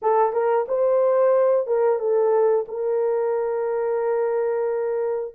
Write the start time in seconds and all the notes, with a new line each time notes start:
0.02 A4
0.32 A#4
0.68 C5
1.67 A#4
1.98 A4
2.68 A#4